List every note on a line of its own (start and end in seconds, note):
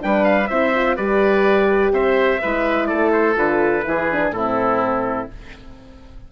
0.00 0.50 G3
0.00 0.48 D4
0.00 0.50 B4
0.00 0.25 G5
0.25 0.48 F5
0.48 0.98 C4
0.48 0.74 E4
0.48 0.96 C5
0.48 0.96 E5
0.75 0.97 F4
0.96 1.92 G3
0.96 2.42 G4
0.96 1.92 B4
0.96 1.93 D5
1.92 2.40 C4
1.92 2.41 C5
1.92 2.86 E5
2.42 2.92 G#3
2.42 3.36 E4
2.42 2.88 B4
2.86 3.36 A3
2.86 3.84 A4
2.86 3.10 D5
3.13 3.37 C5
3.36 3.84 D3
3.36 3.84 F4
3.36 4.33 B4
3.84 4.31 E3
3.84 4.08 E4
3.84 4.36 G#4
4.12 4.36 D4
4.31 5.27 A2
4.31 5.32 C4
4.31 5.32 E4
4.31 5.29 A4